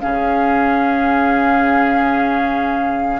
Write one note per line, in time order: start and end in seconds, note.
0.00 3.20 C#3
0.00 3.20 C#4
0.00 3.20 G#4
0.00 3.20 F5